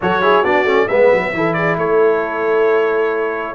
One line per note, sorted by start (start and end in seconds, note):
0.01 0.43 F#3
0.01 0.22 F#4
0.01 0.21 A4
0.01 0.44 C#5
0.21 0.44 E4
0.21 0.42 G#4
0.42 0.64 B3
0.42 0.66 D4
0.42 0.87 F#4
0.42 0.88 D5
0.64 0.86 A3
0.64 0.88 C#4
0.87 1.12 G#3
0.87 1.34 B3
0.87 1.32 B4
0.87 1.53 E5
1.12 1.33 F#3
1.33 1.76 E3
1.33 3.55 E4
1.33 1.56 A4
1.53 1.78 G#4
1.53 1.75 D5
1.76 3.54 A3
1.76 3.55 A4
1.76 3.55 C#5